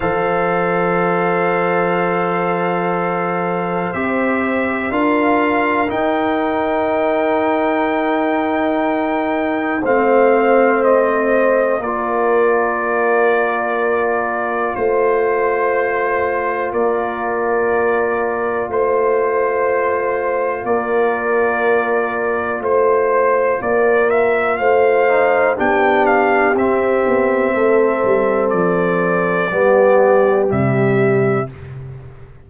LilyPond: <<
  \new Staff \with { instrumentName = "trumpet" } { \time 4/4 \tempo 4 = 61 f''1 | e''4 f''4 g''2~ | g''2 f''4 dis''4 | d''2. c''4~ |
c''4 d''2 c''4~ | c''4 d''2 c''4 | d''8 e''8 f''4 g''8 f''8 e''4~ | e''4 d''2 e''4 | }
  \new Staff \with { instrumentName = "horn" } { \time 4/4 c''1~ | c''4 ais'2.~ | ais'2 c''2 | ais'2. c''4~ |
c''4 ais'2 c''4~ | c''4 ais'2 c''4 | ais'4 c''4 g'2 | a'2 g'2 | }
  \new Staff \with { instrumentName = "trombone" } { \time 4/4 a'1 | g'4 f'4 dis'2~ | dis'2 c'2 | f'1~ |
f'1~ | f'1~ | f'4. dis'8 d'4 c'4~ | c'2 b4 g4 | }
  \new Staff \with { instrumentName = "tuba" } { \time 4/4 f1 | c'4 d'4 dis'2~ | dis'2 a2 | ais2. a4~ |
a4 ais2 a4~ | a4 ais2 a4 | ais4 a4 b4 c'8 b8 | a8 g8 f4 g4 c4 | }
>>